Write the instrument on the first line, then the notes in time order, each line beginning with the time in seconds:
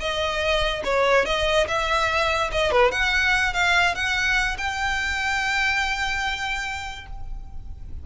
violin
0.00 D#5
0.84 C#5
1.25 D#5
1.68 E5
2.52 D#5
2.71 B4
2.92 F#5
3.53 F5
3.95 F#5
4.58 G5